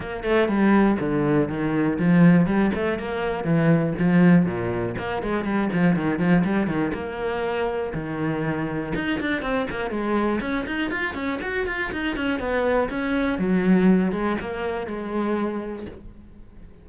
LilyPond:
\new Staff \with { instrumentName = "cello" } { \time 4/4 \tempo 4 = 121 ais8 a8 g4 d4 dis4 | f4 g8 a8 ais4 e4 | f4 ais,4 ais8 gis8 g8 f8 | dis8 f8 g8 dis8 ais2 |
dis2 dis'8 d'8 c'8 ais8 | gis4 cis'8 dis'8 f'8 cis'8 fis'8 f'8 | dis'8 cis'8 b4 cis'4 fis4~ | fis8 gis8 ais4 gis2 | }